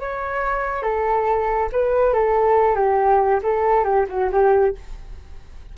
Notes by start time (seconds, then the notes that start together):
0.00 C#5
0.83 A4
1.73 B4
2.14 A4
2.76 G4
3.43 A4
3.85 G4
4.09 F#4
4.32 G4